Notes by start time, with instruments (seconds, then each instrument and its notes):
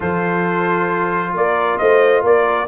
0.00 tuba F3, trombone F4, horn A4, trumpet C5
1.33 tuba A#3, horn A#4, trumpet D5
1.78 tuba A3, horn C5, trumpet D#5
2.21 tuba A#3, horn A#4, trumpet D5